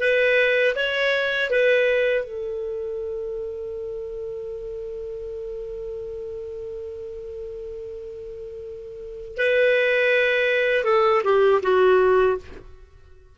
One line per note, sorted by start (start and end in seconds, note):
0.00 0.75 B4
0.76 1.51 C#5
1.51 2.25 B4
2.25 9.38 A4
9.38 10.85 B4
10.85 11.22 A4
11.24 11.62 G4
11.63 12.38 F#4